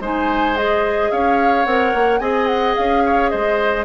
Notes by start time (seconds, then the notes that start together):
0.00 G#3 D#4 C5 G#5
0.57 G#4 D#5
1.12 C#4 C#5 F5
1.66 C4 A#4 F#5
1.94 A#3
2.20 C4 G#4 D#5 G#5
2.47 F#5
2.76 C#4 F5
3.06 C#5
3.30 G#3 C5 D#5